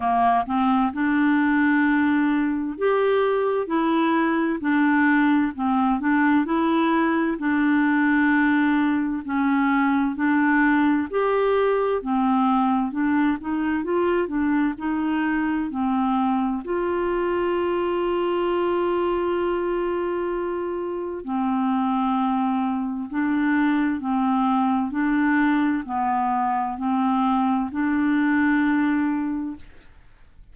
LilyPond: \new Staff \with { instrumentName = "clarinet" } { \time 4/4 \tempo 4 = 65 ais8 c'8 d'2 g'4 | e'4 d'4 c'8 d'8 e'4 | d'2 cis'4 d'4 | g'4 c'4 d'8 dis'8 f'8 d'8 |
dis'4 c'4 f'2~ | f'2. c'4~ | c'4 d'4 c'4 d'4 | b4 c'4 d'2 | }